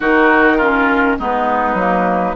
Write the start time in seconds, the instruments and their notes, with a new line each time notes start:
0.00 bassoon D#3, clarinet D#4, oboe F#4, flute A#4
0.57 clarinet C#4, oboe F4
1.19 bassoon G#3, clarinet B3, oboe D#4, flute B4
1.74 bassoon F#3, clarinet A#3